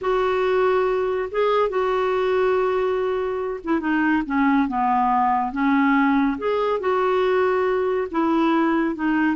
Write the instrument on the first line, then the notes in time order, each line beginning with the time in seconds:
clarinet
0.01 F#4
1.31 G#4
1.69 F#4
3.64 E4
3.80 D#4
4.26 C#4
4.68 B3
5.52 C#4
6.38 G#4
6.79 F#4
8.11 E4
8.95 D#4